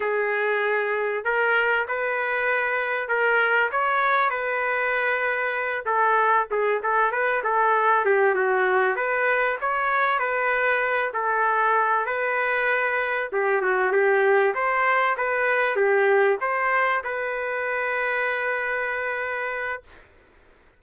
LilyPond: \new Staff \with { instrumentName = "trumpet" } { \time 4/4 \tempo 4 = 97 gis'2 ais'4 b'4~ | b'4 ais'4 cis''4 b'4~ | b'4. a'4 gis'8 a'8 b'8 | a'4 g'8 fis'4 b'4 cis''8~ |
cis''8 b'4. a'4. b'8~ | b'4. g'8 fis'8 g'4 c''8~ | c''8 b'4 g'4 c''4 b'8~ | b'1 | }